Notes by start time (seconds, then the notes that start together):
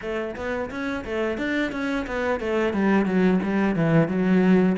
0.01 A3
0.36 B3
0.70 C#4
1.04 A3
1.37 D4
1.72 C#4
2.06 B3
2.40 A3
2.73 G3
3.05 F#3
3.43 G3
3.75 E3
4.08 F#3